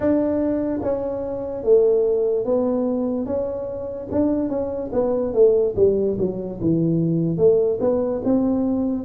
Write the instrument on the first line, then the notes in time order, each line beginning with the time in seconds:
tuba
0.00 D4
0.82 C#4
1.63 A3
2.45 B3
3.25 C#4
4.11 D4
4.49 C#4
4.92 B3
5.33 A3
5.75 G3
6.18 F#3
6.60 E3
7.37 A3
7.80 B3
8.24 C4